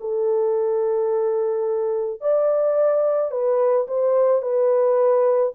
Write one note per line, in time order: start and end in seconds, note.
0.00 2.20 A4
2.20 3.31 D5
3.31 3.86 B4
3.87 4.41 C5
4.41 5.53 B4